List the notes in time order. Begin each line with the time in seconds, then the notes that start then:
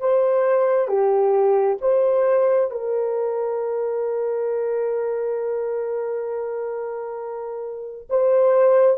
0.00 C5
0.88 G4
1.82 C5
2.71 A#4
8.10 C5